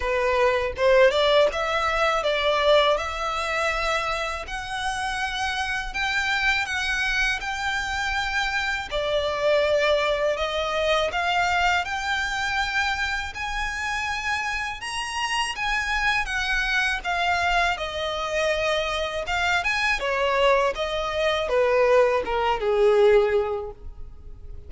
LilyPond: \new Staff \with { instrumentName = "violin" } { \time 4/4 \tempo 4 = 81 b'4 c''8 d''8 e''4 d''4 | e''2 fis''2 | g''4 fis''4 g''2 | d''2 dis''4 f''4 |
g''2 gis''2 | ais''4 gis''4 fis''4 f''4 | dis''2 f''8 gis''8 cis''4 | dis''4 b'4 ais'8 gis'4. | }